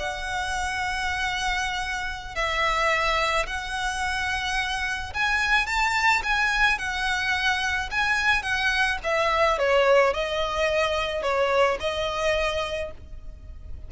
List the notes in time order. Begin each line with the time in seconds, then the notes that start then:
0.00 F#5
2.35 E5
3.47 F#5
5.14 G#5
5.67 A5
6.24 G#5
6.79 F#5
7.91 G#5
8.43 F#5
9.04 E5
9.59 C#5
10.14 D#5
11.22 C#5
11.80 D#5